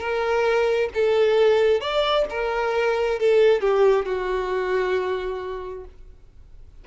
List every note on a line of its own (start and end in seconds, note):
0.00 0.90 A#4
0.94 1.80 A4
1.80 2.25 D5
2.30 3.19 A#4
3.19 3.61 A4
3.61 4.05 G4
4.05 5.85 F#4